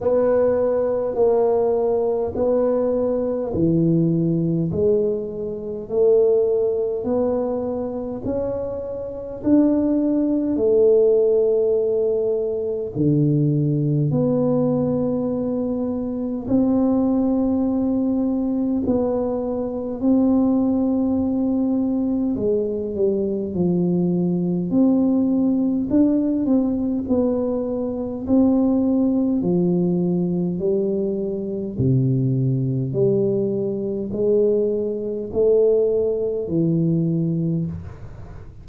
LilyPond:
\new Staff \with { instrumentName = "tuba" } { \time 4/4 \tempo 4 = 51 b4 ais4 b4 e4 | gis4 a4 b4 cis'4 | d'4 a2 d4 | b2 c'2 |
b4 c'2 gis8 g8 | f4 c'4 d'8 c'8 b4 | c'4 f4 g4 c4 | g4 gis4 a4 e4 | }